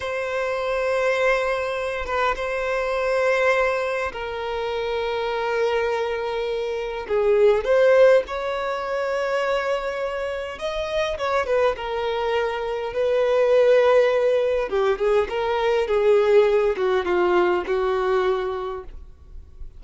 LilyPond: \new Staff \with { instrumentName = "violin" } { \time 4/4 \tempo 4 = 102 c''2.~ c''8 b'8 | c''2. ais'4~ | ais'1 | gis'4 c''4 cis''2~ |
cis''2 dis''4 cis''8 b'8 | ais'2 b'2~ | b'4 g'8 gis'8 ais'4 gis'4~ | gis'8 fis'8 f'4 fis'2 | }